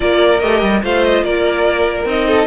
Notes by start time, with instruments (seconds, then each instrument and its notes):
0.00 cello A#3, viola F4, violin A#4 D5
0.40 cello A3, viola G4, violin D#5
0.62 cello G3
0.82 cello A3, viola F4, violin C5 F5
1.04 violin D#5
1.23 cello A#3, violin A#4 D5
2.04 cello C4, viola D#4, violin D#5
2.27 violin A4